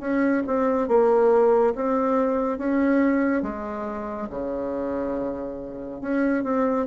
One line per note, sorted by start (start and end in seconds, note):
0.00 0.43 C#4
0.47 0.88 C4
0.88 1.74 A#3
1.75 2.58 C4
2.58 3.42 C#4
3.42 4.28 G#3
4.30 6.01 C#3
6.01 6.44 C#4
6.44 6.86 C4